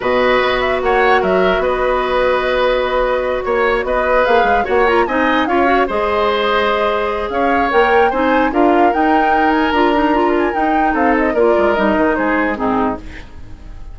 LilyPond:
<<
  \new Staff \with { instrumentName = "flute" } { \time 4/4 \tempo 4 = 148 dis''4. e''8 fis''4 e''4 | dis''1~ | dis''8 cis''4 dis''4 f''4 fis''8 | ais''8 gis''4 f''4 dis''4.~ |
dis''2 f''4 g''4 | gis''4 f''4 g''4. gis''8 | ais''4. gis''8 g''4 f''8 dis''8 | d''4 dis''4 c''4 gis'4 | }
  \new Staff \with { instrumentName = "oboe" } { \time 4/4 b'2 cis''4 ais'4 | b'1~ | b'8 cis''4 b'2 cis''8~ | cis''8 dis''4 cis''4 c''4.~ |
c''2 cis''2 | c''4 ais'2.~ | ais'2. a'4 | ais'2 gis'4 dis'4 | }
  \new Staff \with { instrumentName = "clarinet" } { \time 4/4 fis'1~ | fis'1~ | fis'2~ fis'8 gis'4 fis'8 | f'8 dis'4 f'8 fis'8 gis'4.~ |
gis'2. ais'4 | dis'4 f'4 dis'2 | f'8 dis'8 f'4 dis'2 | f'4 dis'2 c'4 | }
  \new Staff \with { instrumentName = "bassoon" } { \time 4/4 b,4 b4 ais4 fis4 | b1~ | b8 ais4 b4 ais8 gis8 ais8~ | ais8 c'4 cis'4 gis4.~ |
gis2 cis'4 ais4 | c'4 d'4 dis'2 | d'2 dis'4 c'4 | ais8 gis8 g8 dis8 gis4 gis,4 | }
>>